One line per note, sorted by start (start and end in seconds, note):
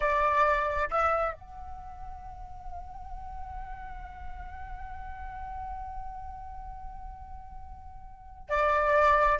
0.00 0.89 D5
0.90 1.33 E5
1.33 8.49 F#5
8.49 9.38 D5